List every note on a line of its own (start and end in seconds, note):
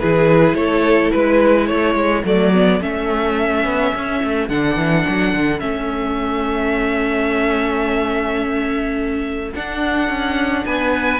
0.00 0.54 E3
0.00 2.25 E4
0.00 0.57 G#4
0.00 0.55 B4
0.54 1.10 A3
0.54 1.14 A4
0.54 1.11 C#5
1.12 1.70 G#3
1.12 1.67 B4
1.12 1.70 B4
1.67 1.95 A3
1.67 10.67 A4
1.67 2.23 C#5
1.95 2.23 G#3
2.25 2.81 F#3
2.25 2.53 A3
2.25 2.83 D5
2.54 2.81 B3
2.81 3.65 A3
2.81 4.49 C#4
2.81 4.49 E5
3.65 3.93 B3
3.95 4.23 C#4
4.23 4.49 A3
4.49 4.77 D3
4.49 5.60 D4
4.49 5.60 F#5
4.77 5.05 E3
5.08 5.34 F#3
5.34 5.61 D3
5.60 9.54 A3
5.60 9.52 C#4
5.60 9.52 E5
9.56 10.09 D4
9.56 11.20 D4
9.56 10.66 F#5
10.09 10.65 C#4
10.65 11.20 B3
10.65 11.20 B4
10.65 11.20 G#5